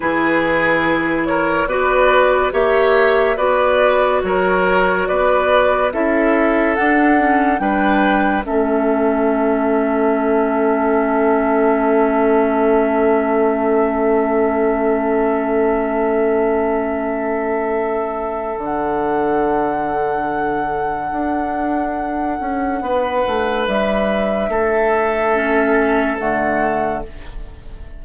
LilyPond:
<<
  \new Staff \with { instrumentName = "flute" } { \time 4/4 \tempo 4 = 71 b'4. cis''8 d''4 e''4 | d''4 cis''4 d''4 e''4 | fis''4 g''4 e''2~ | e''1~ |
e''1~ | e''2 fis''2~ | fis''1 | e''2. fis''4 | }
  \new Staff \with { instrumentName = "oboe" } { \time 4/4 gis'4. ais'8 b'4 cis''4 | b'4 ais'4 b'4 a'4~ | a'4 b'4 a'2~ | a'1~ |
a'1~ | a'1~ | a'2. b'4~ | b'4 a'2. | }
  \new Staff \with { instrumentName = "clarinet" } { \time 4/4 e'2 fis'4 g'4 | fis'2. e'4 | d'8 cis'8 d'4 cis'2~ | cis'1~ |
cis'1~ | cis'2 d'2~ | d'1~ | d'2 cis'4 a4 | }
  \new Staff \with { instrumentName = "bassoon" } { \time 4/4 e2 b4 ais4 | b4 fis4 b4 cis'4 | d'4 g4 a2~ | a1~ |
a1~ | a2 d2~ | d4 d'4. cis'8 b8 a8 | g4 a2 d4 | }
>>